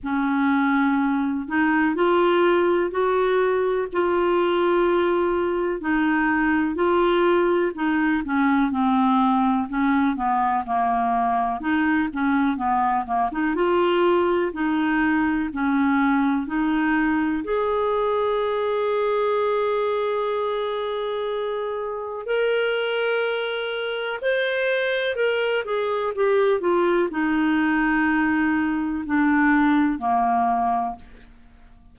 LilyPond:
\new Staff \with { instrumentName = "clarinet" } { \time 4/4 \tempo 4 = 62 cis'4. dis'8 f'4 fis'4 | f'2 dis'4 f'4 | dis'8 cis'8 c'4 cis'8 b8 ais4 | dis'8 cis'8 b8 ais16 dis'16 f'4 dis'4 |
cis'4 dis'4 gis'2~ | gis'2. ais'4~ | ais'4 c''4 ais'8 gis'8 g'8 f'8 | dis'2 d'4 ais4 | }